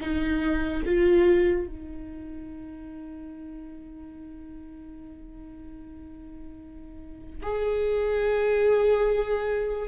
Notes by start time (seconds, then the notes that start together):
0.00 D#4
0.85 F4
1.67 D#4
7.42 G#4